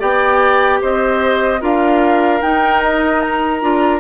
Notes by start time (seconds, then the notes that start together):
0.00 B3 G4 D5 G5
0.82 C4 C5 D#5
1.61 D4 F4 A#4 F5
2.42 D#4 G5
2.83 D#5
3.22 A#5
3.62 D4 F4